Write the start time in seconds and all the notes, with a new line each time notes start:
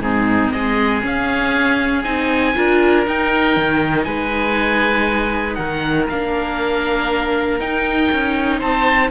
0.00 G#2 C4 D#4 G#4
0.52 G#3 G#4 D#5
1.01 C#4 F5
2.03 C4 D#4 G#5
2.55 D4 F4 A#4
3.05 D#4 G5
3.57 D#3
4.04 G#3 B4 G#5
5.55 D#3 A#4 F#5
6.09 A#3 D4 F5
7.59 D#4 G5
8.12 C#4
8.58 C4 C5 A5